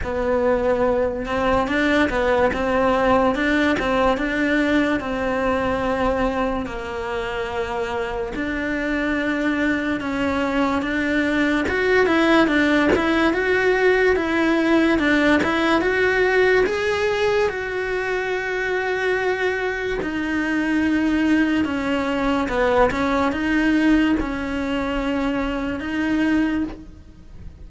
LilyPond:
\new Staff \with { instrumentName = "cello" } { \time 4/4 \tempo 4 = 72 b4. c'8 d'8 b8 c'4 | d'8 c'8 d'4 c'2 | ais2 d'2 | cis'4 d'4 fis'8 e'8 d'8 e'8 |
fis'4 e'4 d'8 e'8 fis'4 | gis'4 fis'2. | dis'2 cis'4 b8 cis'8 | dis'4 cis'2 dis'4 | }